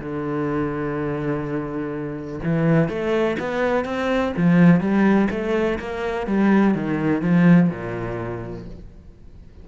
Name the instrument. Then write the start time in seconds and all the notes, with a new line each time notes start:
cello
0.00 D3
2.44 E3
2.89 A3
3.39 B3
3.85 C4
4.37 F3
4.80 G3
5.31 A3
5.79 A#3
6.27 G3
6.74 D#3
7.22 F3
7.70 A#2